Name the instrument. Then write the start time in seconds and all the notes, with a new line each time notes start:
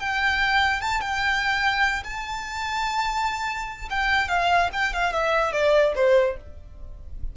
violin
0.00 G5
0.81 A5
1.01 G5
2.04 A5
3.90 G5
4.29 F5
4.73 G5
4.94 F5
5.13 E5
5.53 D5
5.96 C5